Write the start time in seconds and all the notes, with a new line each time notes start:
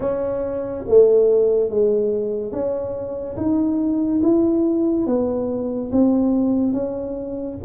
0.00 C#4
0.87 A3
1.69 G#3
2.51 C#4
3.36 D#4
4.22 E4
5.06 B3
5.92 C4
6.73 C#4